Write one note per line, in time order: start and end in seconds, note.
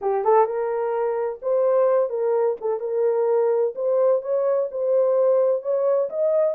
0.01 0.24 G4
0.24 0.45 A4
0.45 1.39 A#4
1.41 2.09 C5
2.09 2.56 A#4
2.61 2.80 A4
2.80 3.74 A#4
3.75 4.22 C5
4.22 4.69 C#5
4.71 5.62 C5
5.62 6.09 C#5
6.09 6.55 D#5